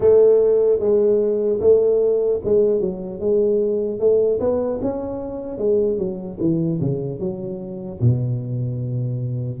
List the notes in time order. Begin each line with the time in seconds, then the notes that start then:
0.00 A3
0.79 G#3
1.60 A3
2.44 G#3
2.80 F#3
3.20 G#3
3.99 A3
4.40 B3
4.81 C#4
5.58 G#3
5.98 F#3
6.40 E3
6.80 C#3
7.19 F#3
8.00 B2